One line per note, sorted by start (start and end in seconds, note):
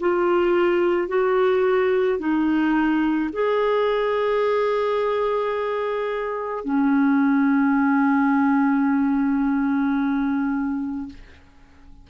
0.00 1.08 F4
1.08 2.19 F#4
2.19 3.30 D#4
3.33 6.65 G#4
6.65 11.09 C#4